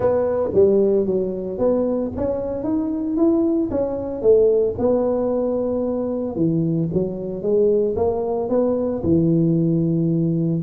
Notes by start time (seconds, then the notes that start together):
0.00 B3
0.54 G3
1.05 F#3
1.58 B3
2.16 C#4
2.63 D#4
3.16 E4
3.70 C#4
4.21 A3
4.78 B3
6.35 E3
6.93 F#3
7.42 G#3
7.96 A#3
8.49 B3
9.03 E3